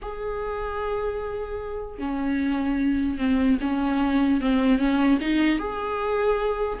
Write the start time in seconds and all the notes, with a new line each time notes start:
0.02 G#4
1.99 C#4
3.18 C4
3.60 C#4
4.41 C4
4.78 C#4
5.20 D#4
5.59 G#4